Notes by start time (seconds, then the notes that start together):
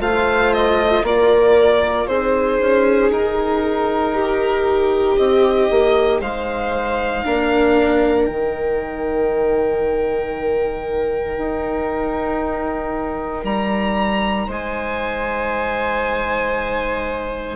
0.00 A3 F4 C5 F5
0.53 D#5
1.03 A#3 A#4 D5
2.07 C4 D#4 G#4 C5
2.60 C#4
3.11 D#4 A#4
4.14 G4
5.17 C4 D#5
5.71 A#3
6.21 G#3 C5 F5
7.25 A#3 D4 A#4
8.25 D#3 D#4 G5
11.38 D#4
13.44 G3 A#5
14.47 G#3 C5 G#5